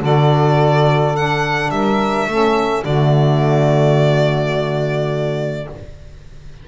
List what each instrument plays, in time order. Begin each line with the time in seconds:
0.00 double bass D3, saxophone F#4 A4, violin D5
1.16 saxophone D4, violin F#5
1.70 double bass G3, saxophone A#4, violin E5
2.27 double bass A3, saxophone C#4 A4
2.84 double bass D3, saxophone A3 F#4, violin D5